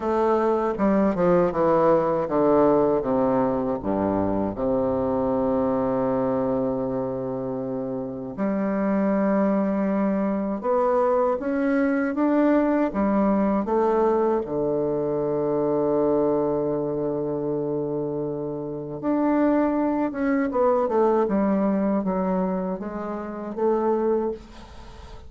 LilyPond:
\new Staff \with { instrumentName = "bassoon" } { \time 4/4 \tempo 4 = 79 a4 g8 f8 e4 d4 | c4 g,4 c2~ | c2. g4~ | g2 b4 cis'4 |
d'4 g4 a4 d4~ | d1~ | d4 d'4. cis'8 b8 a8 | g4 fis4 gis4 a4 | }